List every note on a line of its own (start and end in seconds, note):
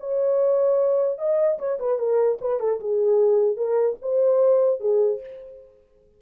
0.00 1.18 C#5
1.18 1.58 D#5
1.59 1.79 C#5
1.79 1.99 B4
1.99 2.39 A#4
2.41 2.60 B4
2.60 2.80 A4
2.80 3.57 G#4
3.57 3.97 A#4
4.02 4.80 C5
4.80 5.20 G#4